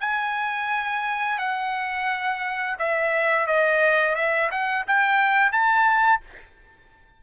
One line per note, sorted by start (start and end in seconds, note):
0.00 1.38 G#5
1.38 2.76 F#5
2.78 3.46 E5
3.46 4.15 D#5
4.15 4.50 E5
4.50 4.85 F#5
4.87 5.52 G5
5.52 6.21 A5